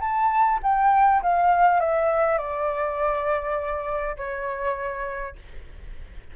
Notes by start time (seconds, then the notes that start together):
0.00 A5
0.62 G5
1.22 F5
1.80 E5
2.38 D5
4.16 C#5